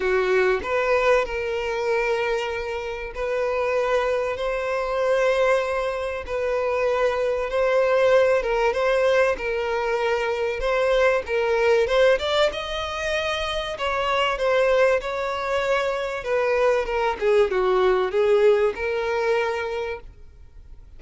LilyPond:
\new Staff \with { instrumentName = "violin" } { \time 4/4 \tempo 4 = 96 fis'4 b'4 ais'2~ | ais'4 b'2 c''4~ | c''2 b'2 | c''4. ais'8 c''4 ais'4~ |
ais'4 c''4 ais'4 c''8 d''8 | dis''2 cis''4 c''4 | cis''2 b'4 ais'8 gis'8 | fis'4 gis'4 ais'2 | }